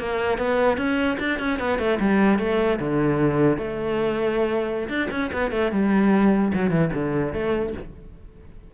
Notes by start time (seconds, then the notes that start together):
0.00 A#3
0.38 B3
0.78 C#4
1.20 D4
1.40 C#4
1.60 B3
1.79 A3
2.01 G3
2.39 A3
2.80 D3
3.58 A3
4.89 D4
5.11 C#4
5.33 B3
5.52 A3
5.72 G3
6.55 F#3
6.71 E3
6.94 D3
7.34 A3